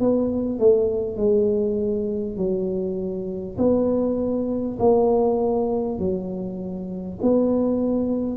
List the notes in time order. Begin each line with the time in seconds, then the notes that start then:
0.00 B3
0.59 A3
1.17 G#3
2.37 F#3
3.58 B3
4.79 A#3
5.99 F#3
7.22 B3